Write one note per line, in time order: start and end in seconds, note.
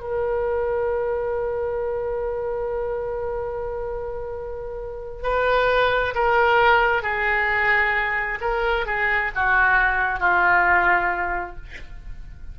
0.00 5.23 A#4
5.23 6.14 B4
6.14 7.02 A#4
7.02 8.38 G#4
8.40 8.86 A#4
8.86 9.31 G#4
9.35 10.19 F#4
10.19 11.56 F4